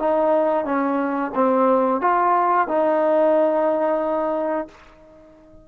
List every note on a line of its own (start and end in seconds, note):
0.00 0.65 D#4
0.65 1.32 C#4
1.35 2.02 C4
2.02 2.68 F4
2.68 4.68 D#4